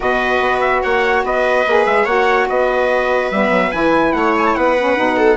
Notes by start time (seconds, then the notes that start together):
0.00 B2 F#4 B4 D#5
0.40 B3
0.60 E5
0.82 A#3 C#5 F#5
1.24 B3 B4 D#5
1.67 A#3 G#4
1.86 G#3 E5
2.04 A#3 F#4 C#5 F#5
2.48 B3 B4 D#5
3.31 G3 B3 E5
3.49 F#3
3.71 E3 E4 G#5
4.13 A3 C#5 F#5
4.37 G#5
4.46 A5
4.55 B3 B4 F#5
4.77 C#4
4.96 B2 D#4
5.16 A4